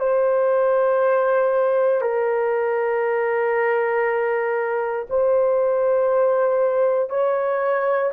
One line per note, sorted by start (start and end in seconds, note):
0.00 2.01 C5
2.01 5.06 A#4
5.10 7.10 C5
7.10 8.11 C#5